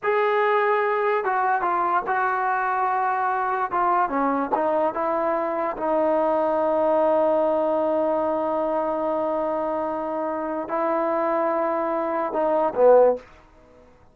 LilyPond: \new Staff \with { instrumentName = "trombone" } { \time 4/4 \tempo 4 = 146 gis'2. fis'4 | f'4 fis'2.~ | fis'4 f'4 cis'4 dis'4 | e'2 dis'2~ |
dis'1~ | dis'1~ | dis'2 e'2~ | e'2 dis'4 b4 | }